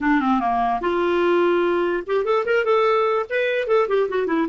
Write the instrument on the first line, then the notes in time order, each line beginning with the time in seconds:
clarinet
0.01 D4
0.20 C4
0.40 A#3
0.81 F4
2.06 G4
2.24 A4
2.45 A#4
2.64 A4
3.29 B4
3.67 A4
3.88 G4
4.09 F#4
4.27 E4